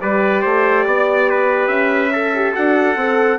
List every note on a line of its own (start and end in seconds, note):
0.00 0.44 G3
0.00 2.11 G4
0.00 0.42 B4
0.00 1.67 D5
0.42 0.86 A3
0.42 0.84 C5
0.86 1.67 B3
0.86 1.29 D5
1.30 2.11 B4
1.67 2.52 C#4
1.67 2.52 E5
2.11 3.38 A4
2.11 2.33 A4
2.35 2.53 G4
2.53 2.96 D4
2.53 2.95 F#4
2.53 3.38 F#5
2.96 3.38 C4
2.96 3.38 A4